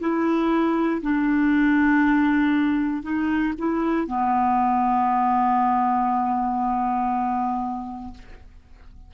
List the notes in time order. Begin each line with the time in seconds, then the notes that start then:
0.00 E4
1.02 D4
3.02 D#4
3.58 E4
4.07 B3